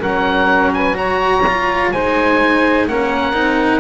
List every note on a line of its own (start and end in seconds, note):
0.00 1.92 F#3
0.00 0.94 C#4
0.00 0.71 A#4
0.00 0.73 F#5
0.73 0.96 B4
0.73 0.97 G#5
0.94 1.41 F#4
0.94 1.92 C#5
0.94 1.92 A#5
1.47 1.94 F4
1.92 2.88 G#3
1.92 2.89 D#4
1.92 2.88 C5
1.92 2.87 G#5
2.88 3.35 A#3
2.88 3.33 C#4
2.88 3.80 A#4
2.88 3.80 F#5
3.33 3.80 C4
3.33 3.80 D#4